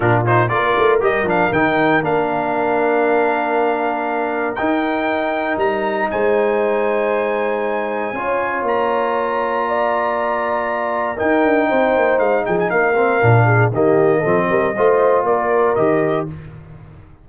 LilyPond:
<<
  \new Staff \with { instrumentName = "trumpet" } { \time 4/4 \tempo 4 = 118 ais'8 c''8 d''4 dis''8 f''8 g''4 | f''1~ | f''4 g''2 ais''4 | gis''1~ |
gis''4 ais''2.~ | ais''2 g''2 | f''8 g''16 gis''16 f''2 dis''4~ | dis''2 d''4 dis''4 | }
  \new Staff \with { instrumentName = "horn" } { \time 4/4 f'4 ais'2.~ | ais'1~ | ais'1 | c''1 |
cis''2. d''4~ | d''2 ais'4 c''4~ | c''8 gis'8 ais'4. gis'8 g'4 | a'8 ais'8 c''4 ais'2 | }
  \new Staff \with { instrumentName = "trombone" } { \time 4/4 d'8 dis'8 f'4 g'8 d'8 dis'4 | d'1~ | d'4 dis'2.~ | dis'1 |
f'1~ | f'2 dis'2~ | dis'4. c'8 d'4 ais4 | c'4 f'2 g'4 | }
  \new Staff \with { instrumentName = "tuba" } { \time 4/4 ais,4 ais8 a8 g8 f8 dis4 | ais1~ | ais4 dis'2 g4 | gis1 |
cis'4 ais2.~ | ais2 dis'8 d'8 c'8 ais8 | gis8 f8 ais4 ais,4 dis4 | f8 g8 a4 ais4 dis4 | }
>>